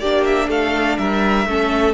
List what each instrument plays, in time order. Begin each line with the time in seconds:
0.00 cello A#3, viola D4, violin G4 D5
0.25 violin E5
0.48 cello A3, violin A4 F5
0.98 cello G3, violin A#4 E5
1.46 cello A3, viola C#4, violin A4